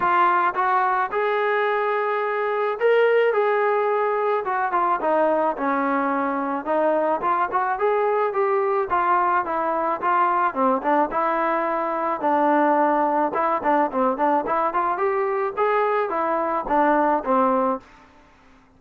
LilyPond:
\new Staff \with { instrumentName = "trombone" } { \time 4/4 \tempo 4 = 108 f'4 fis'4 gis'2~ | gis'4 ais'4 gis'2 | fis'8 f'8 dis'4 cis'2 | dis'4 f'8 fis'8 gis'4 g'4 |
f'4 e'4 f'4 c'8 d'8 | e'2 d'2 | e'8 d'8 c'8 d'8 e'8 f'8 g'4 | gis'4 e'4 d'4 c'4 | }